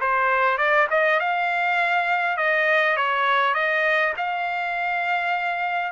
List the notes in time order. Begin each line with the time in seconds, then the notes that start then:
0.00 C5
0.58 D5
0.90 D#5
1.19 F5
2.37 D#5
2.96 C#5
3.54 D#5
4.17 F5